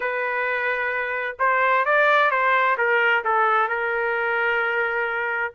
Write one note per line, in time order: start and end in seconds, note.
0.00 1.36 B4
1.39 1.85 C5
1.85 2.30 D5
2.30 2.77 C5
2.77 3.23 A#4
3.24 3.68 A4
3.68 5.53 A#4